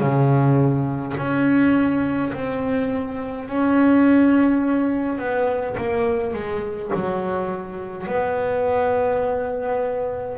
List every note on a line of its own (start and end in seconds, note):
0.00 1.15 C#3
1.17 2.33 C#4
2.33 3.49 C4
3.49 5.19 C#4
5.19 5.76 B3
5.77 6.34 A#3
6.34 6.92 G#3
6.94 8.07 F#3
8.07 10.38 B3